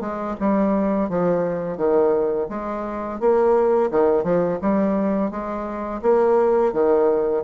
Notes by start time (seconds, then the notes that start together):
0.00 G#3
0.40 G3
1.09 F3
1.77 D#3
2.49 G#3
3.20 A#3
3.91 D#3
4.24 F3
4.61 G3
5.30 G#3
6.02 A#3
6.73 D#3